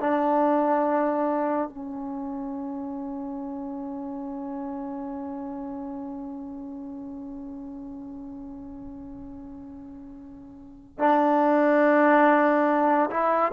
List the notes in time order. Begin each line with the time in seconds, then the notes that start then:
0.00 D4
1.69 C#4
10.99 D4
13.10 E4